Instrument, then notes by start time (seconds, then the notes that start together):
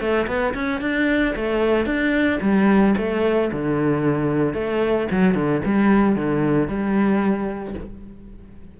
cello
0.00 A3
0.27 B3
0.54 C#4
0.81 D4
1.36 A3
1.86 D4
2.42 G3
2.98 A3
3.52 D3
4.54 A3
5.11 F#3
5.35 D3
5.65 G3
6.16 D3
6.68 G3